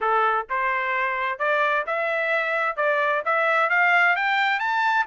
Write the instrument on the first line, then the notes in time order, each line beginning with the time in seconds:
trumpet
0.00 A4
0.49 C5
1.38 D5
1.86 E5
2.76 D5
3.25 E5
3.69 F5
4.16 G5
4.59 A5